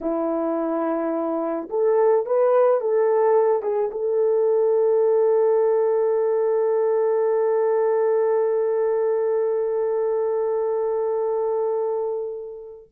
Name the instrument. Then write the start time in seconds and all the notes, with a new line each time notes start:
horn
0.00 E4
1.69 A4
2.26 B4
2.80 A4
3.62 G#4
3.91 A4